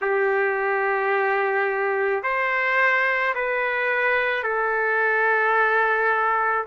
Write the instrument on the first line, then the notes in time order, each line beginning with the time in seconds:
trumpet
0.01 G4
2.23 C5
3.34 B4
4.43 A4